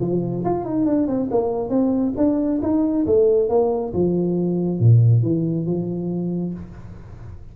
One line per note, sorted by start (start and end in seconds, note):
0.00 0.44 F3
0.44 0.65 F4
0.65 0.86 D#4
0.86 1.07 D4
1.07 1.29 C4
1.31 1.69 A#3
1.69 2.13 C4
2.17 2.61 D4
2.62 3.06 D#4
3.06 3.49 A3
3.49 3.93 A#3
3.93 4.79 F3
4.79 5.23 A#2
5.23 5.66 E3
5.66 6.54 F3